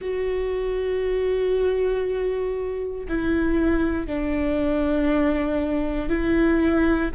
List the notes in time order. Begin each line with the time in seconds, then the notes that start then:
0.01 F#4
3.08 E4
4.06 D4
6.09 E4